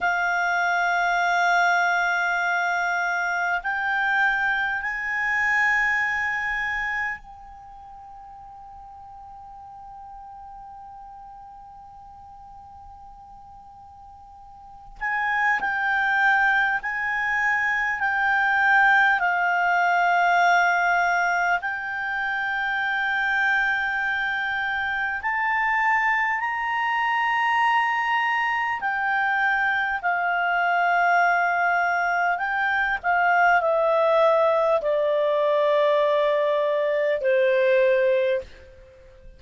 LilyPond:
\new Staff \with { instrumentName = "clarinet" } { \time 4/4 \tempo 4 = 50 f''2. g''4 | gis''2 g''2~ | g''1~ | g''8 gis''8 g''4 gis''4 g''4 |
f''2 g''2~ | g''4 a''4 ais''2 | g''4 f''2 g''8 f''8 | e''4 d''2 c''4 | }